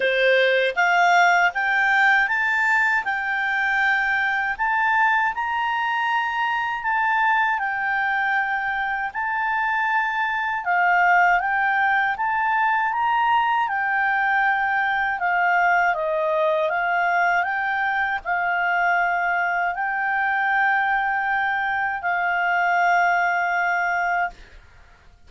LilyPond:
\new Staff \with { instrumentName = "clarinet" } { \time 4/4 \tempo 4 = 79 c''4 f''4 g''4 a''4 | g''2 a''4 ais''4~ | ais''4 a''4 g''2 | a''2 f''4 g''4 |
a''4 ais''4 g''2 | f''4 dis''4 f''4 g''4 | f''2 g''2~ | g''4 f''2. | }